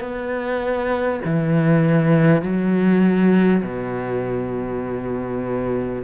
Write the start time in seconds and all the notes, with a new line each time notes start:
0.00 B3
1.25 E3
2.43 F#3
3.63 B2